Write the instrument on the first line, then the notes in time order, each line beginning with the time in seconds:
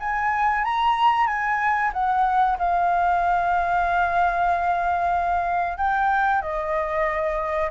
flute
0.00 G#5
0.65 A#5
1.27 G#5
1.94 F#5
2.59 F5
5.78 G5
6.42 D#5